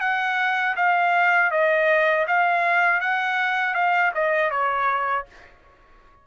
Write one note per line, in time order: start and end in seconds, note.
0.00 0.75 F#5
0.76 1.51 F5
1.51 2.26 D#5
2.27 3.00 F5
3.00 3.74 F#5
3.74 4.11 F5
4.14 4.50 D#5
4.50 5.25 C#5